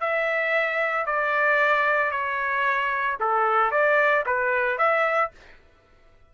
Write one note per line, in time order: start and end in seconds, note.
0.00 1.06 E5
1.06 2.11 D5
2.11 3.18 C#5
3.20 3.71 A4
3.71 4.24 D5
4.26 4.78 B4
4.78 5.31 E5